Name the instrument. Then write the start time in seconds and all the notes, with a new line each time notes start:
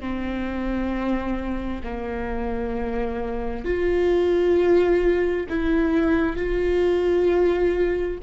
viola
0.00 C4
1.83 A#3
3.65 F4
5.50 E4
6.36 F4